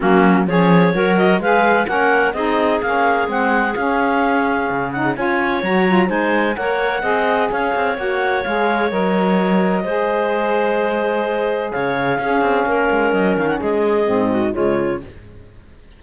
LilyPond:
<<
  \new Staff \with { instrumentName = "clarinet" } { \time 4/4 \tempo 4 = 128 fis'4 cis''4. dis''8 f''4 | fis''4 dis''4 f''4 fis''4 | f''2~ f''8 fis''8 gis''4 | ais''4 gis''4 fis''2 |
f''4 fis''4 f''4 dis''4~ | dis''1~ | dis''4 f''2. | dis''8 f''16 fis''16 dis''2 cis''4 | }
  \new Staff \with { instrumentName = "clarinet" } { \time 4/4 cis'4 gis'4 ais'4 b'4 | ais'4 gis'2.~ | gis'2. cis''4~ | cis''4 c''4 cis''4 dis''4 |
cis''1~ | cis''4 c''2.~ | c''4 cis''4 gis'4 ais'4~ | ais'4 gis'4. fis'8 f'4 | }
  \new Staff \with { instrumentName = "saxophone" } { \time 4/4 ais4 cis'4 fis'4 gis'4 | cis'4 dis'4 cis'4 c'4 | cis'2~ cis'8 dis'8 f'4 | fis'8 f'8 dis'4 ais'4 gis'4~ |
gis'4 fis'4 gis'4 ais'4~ | ais'4 gis'2.~ | gis'2 cis'2~ | cis'2 c'4 gis4 | }
  \new Staff \with { instrumentName = "cello" } { \time 4/4 fis4 f4 fis4 gis4 | ais4 c'4 ais4 gis4 | cis'2 cis4 cis'4 | fis4 gis4 ais4 c'4 |
cis'8 c'8 ais4 gis4 fis4~ | fis4 gis2.~ | gis4 cis4 cis'8 c'8 ais8 gis8 | fis8 dis8 gis4 gis,4 cis4 | }
>>